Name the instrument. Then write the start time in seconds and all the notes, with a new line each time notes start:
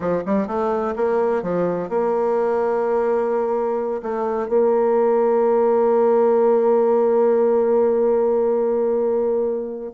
bassoon
0.00 F3
0.25 G3
0.47 A3
0.96 A#3
1.42 F3
1.89 A#3
4.02 A3
4.48 A#3